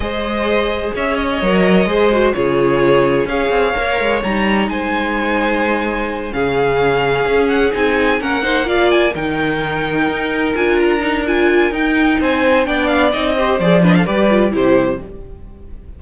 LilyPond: <<
  \new Staff \with { instrumentName = "violin" } { \time 4/4 \tempo 4 = 128 dis''2 e''8 dis''4.~ | dis''4 cis''2 f''4~ | f''4 ais''4 gis''2~ | gis''4. f''2~ f''8 |
fis''8 gis''4 fis''4 f''8 gis''8 g''8~ | g''2~ g''8 gis''8 ais''4 | gis''4 g''4 gis''4 g''8 f''8 | dis''4 d''8 dis''16 f''16 d''4 c''4 | }
  \new Staff \with { instrumentName = "violin" } { \time 4/4 c''2 cis''2 | c''4 gis'2 cis''4~ | cis''2 c''2~ | c''4. gis'2~ gis'8~ |
gis'4. ais'8 c''8 d''4 ais'8~ | ais'1~ | ais'2 c''4 d''4~ | d''8 c''4 b'16 a'16 b'4 g'4 | }
  \new Staff \with { instrumentName = "viola" } { \time 4/4 gis'2. ais'4 | gis'8 fis'8 f'2 gis'4 | ais'4 dis'2.~ | dis'4. cis'2~ cis'8~ |
cis'8 dis'4 cis'8 dis'8 f'4 dis'8~ | dis'2~ dis'8 f'4 dis'8 | f'4 dis'2 d'4 | dis'8 g'8 gis'8 d'8 g'8 f'8 e'4 | }
  \new Staff \with { instrumentName = "cello" } { \time 4/4 gis2 cis'4 fis4 | gis4 cis2 cis'8 c'8 | ais8 gis8 g4 gis2~ | gis4. cis2 cis'8~ |
cis'8 c'4 ais2 dis8~ | dis4. dis'4 d'4.~ | d'4 dis'4 c'4 b4 | c'4 f4 g4 c4 | }
>>